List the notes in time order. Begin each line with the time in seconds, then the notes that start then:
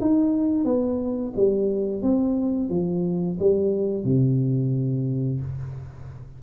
0.00 D#4
0.64 B3
1.36 G3
2.02 C4
2.69 F3
3.39 G3
4.04 C3